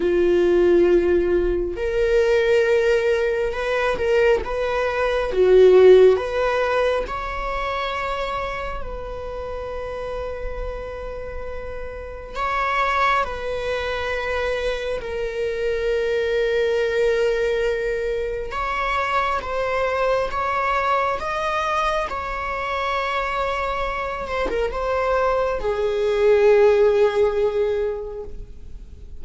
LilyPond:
\new Staff \with { instrumentName = "viola" } { \time 4/4 \tempo 4 = 68 f'2 ais'2 | b'8 ais'8 b'4 fis'4 b'4 | cis''2 b'2~ | b'2 cis''4 b'4~ |
b'4 ais'2.~ | ais'4 cis''4 c''4 cis''4 | dis''4 cis''2~ cis''8 c''16 ais'16 | c''4 gis'2. | }